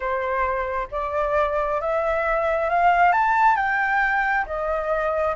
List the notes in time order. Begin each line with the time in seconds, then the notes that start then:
0.00 C5
0.91 D5
1.80 E5
2.69 F5
3.12 A5
3.55 G5
4.46 D#5